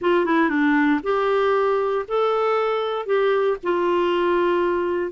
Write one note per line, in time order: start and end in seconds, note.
0.01 0.25 F4
0.25 0.49 E4
0.49 1.00 D4
1.03 2.05 G4
2.08 3.06 A4
3.06 3.57 G4
3.63 5.11 F4